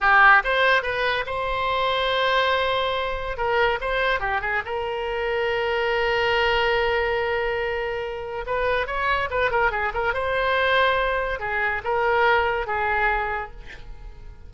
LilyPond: \new Staff \with { instrumentName = "oboe" } { \time 4/4 \tempo 4 = 142 g'4 c''4 b'4 c''4~ | c''1 | ais'4 c''4 g'8 gis'8 ais'4~ | ais'1~ |
ais'1 | b'4 cis''4 b'8 ais'8 gis'8 ais'8 | c''2. gis'4 | ais'2 gis'2 | }